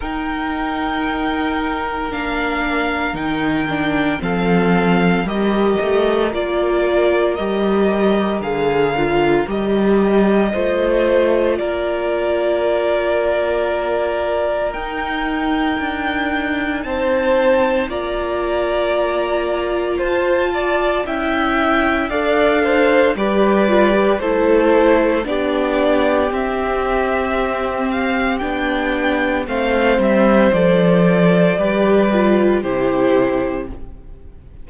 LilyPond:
<<
  \new Staff \with { instrumentName = "violin" } { \time 4/4 \tempo 4 = 57 g''2 f''4 g''4 | f''4 dis''4 d''4 dis''4 | f''4 dis''2 d''4~ | d''2 g''2 |
a''4 ais''2 a''4 | g''4 f''4 d''4 c''4 | d''4 e''4. f''8 g''4 | f''8 e''8 d''2 c''4 | }
  \new Staff \with { instrumentName = "violin" } { \time 4/4 ais'1 | a'4 ais'2.~ | ais'2 c''4 ais'4~ | ais'1 |
c''4 d''2 c''8 d''8 | e''4 d''8 c''8 b'4 a'4 | g'1 | c''2 b'4 g'4 | }
  \new Staff \with { instrumentName = "viola" } { \time 4/4 dis'2 d'4 dis'8 d'8 | c'4 g'4 f'4 g'4 | gis'8 f'8 g'4 f'2~ | f'2 dis'2~ |
dis'4 f'2. | e'4 a'4 g'8 f'16 g'16 e'4 | d'4 c'2 d'4 | c'4 a'4 g'8 f'8 e'4 | }
  \new Staff \with { instrumentName = "cello" } { \time 4/4 dis'2 ais4 dis4 | f4 g8 a8 ais4 g4 | d4 g4 a4 ais4~ | ais2 dis'4 d'4 |
c'4 ais2 f'4 | cis'4 d'4 g4 a4 | b4 c'2 b4 | a8 g8 f4 g4 c4 | }
>>